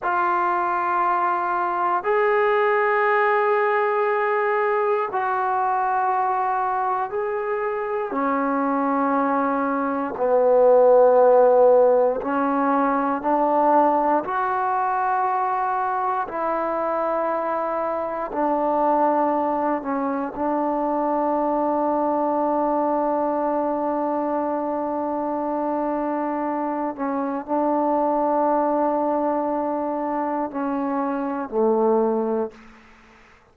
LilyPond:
\new Staff \with { instrumentName = "trombone" } { \time 4/4 \tempo 4 = 59 f'2 gis'2~ | gis'4 fis'2 gis'4 | cis'2 b2 | cis'4 d'4 fis'2 |
e'2 d'4. cis'8 | d'1~ | d'2~ d'8 cis'8 d'4~ | d'2 cis'4 a4 | }